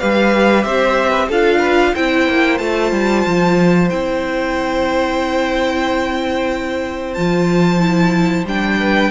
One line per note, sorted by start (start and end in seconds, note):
0.00 0.65 G3
0.00 1.31 G4
0.00 0.65 B4
0.00 0.63 F5
0.63 1.29 C4
0.63 1.10 C5
0.63 1.29 E5
1.10 1.26 B4
1.28 1.94 D4
1.28 1.96 F4
1.28 1.59 A4
1.28 1.95 F5
1.59 1.92 B4
1.94 2.28 C4
1.94 2.59 E4
1.94 8.79 C5
1.94 2.58 G5
2.28 2.60 A#3
2.58 2.92 A3
2.58 3.90 F4
2.58 3.88 A5
2.92 3.25 G3
3.26 3.91 F3
3.90 7.17 C4
3.90 7.16 E4
3.90 7.14 G5
7.14 8.45 F3
7.14 7.80 F4
7.14 8.44 A5
7.80 8.45 E4
8.45 9.10 G3
8.45 9.11 D4
8.45 9.11 G5
8.80 9.11 B4